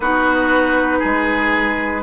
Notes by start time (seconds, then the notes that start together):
0.00 B3 D#4 F#4 B4
0.99 G#3 G#4